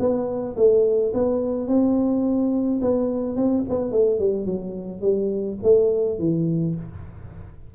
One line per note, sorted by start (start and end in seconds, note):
0.00 0.56 B3
0.57 1.13 A3
1.14 1.68 B3
1.68 2.80 C4
2.82 3.36 B3
3.36 3.64 C4
3.70 3.92 B3
3.92 4.20 A3
4.20 4.46 G3
4.46 5.02 F#3
5.02 5.58 G3
5.63 6.19 A3
6.19 6.75 E3